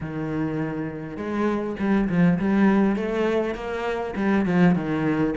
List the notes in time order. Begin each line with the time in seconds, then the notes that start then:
0.00 D#3
1.16 G#3
1.79 G3
2.09 F3
2.39 G3
2.95 A3
3.55 A#3
4.15 G3
4.45 F3
4.75 D#3